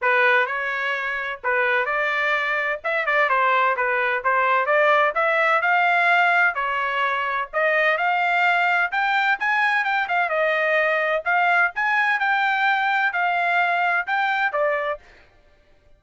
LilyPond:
\new Staff \with { instrumentName = "trumpet" } { \time 4/4 \tempo 4 = 128 b'4 cis''2 b'4 | d''2 e''8 d''8 c''4 | b'4 c''4 d''4 e''4 | f''2 cis''2 |
dis''4 f''2 g''4 | gis''4 g''8 f''8 dis''2 | f''4 gis''4 g''2 | f''2 g''4 d''4 | }